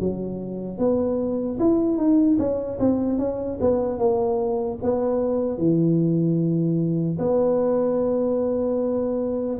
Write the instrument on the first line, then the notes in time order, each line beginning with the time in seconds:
tuba
0.00 F#3
0.78 B3
1.60 E4
1.98 D#4
2.39 C#4
2.80 C4
3.19 C#4
3.61 B3
3.99 A#3
4.83 B3
5.58 E3
7.19 B3